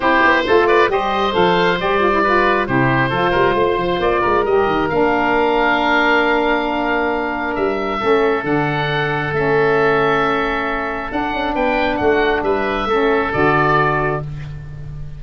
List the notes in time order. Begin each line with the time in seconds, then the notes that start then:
0.00 C4 E4 G4 C5
0.23 B3
0.46 A3 F4 A4
0.66 B4 D5
0.88 G3 G4 C5 D#5
1.31 F3 A4 F5
1.80 G3 G4 D5
1.99 F4
2.12 E4
2.23 F4 B4
2.66 C3 E4 G4 C5
3.09 F3 F4 A4
3.30 G3 A#4
3.54 A3 C5
3.76 F3
3.99 A#3 D5
4.21 G#3 A#4
4.44 G3 G4 D#5
4.66 D#3
4.89 A#3 D4 F5
7.55 G3 E5
7.99 A3 C#4 A4
8.42 D3 D4 F#5
9.32 A3 C#4 E5
11.09 D4 F#5
11.33 C#4
11.54 B3 B4 G5
11.96 A3 F#4 F#5
12.42 G3 B4 E5
12.86 A3 C#4 A4
13.32 D3 F#4 D5